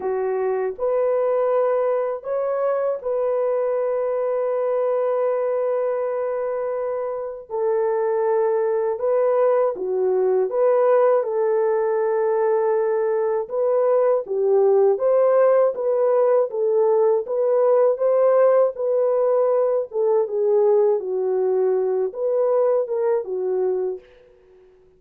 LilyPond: \new Staff \with { instrumentName = "horn" } { \time 4/4 \tempo 4 = 80 fis'4 b'2 cis''4 | b'1~ | b'2 a'2 | b'4 fis'4 b'4 a'4~ |
a'2 b'4 g'4 | c''4 b'4 a'4 b'4 | c''4 b'4. a'8 gis'4 | fis'4. b'4 ais'8 fis'4 | }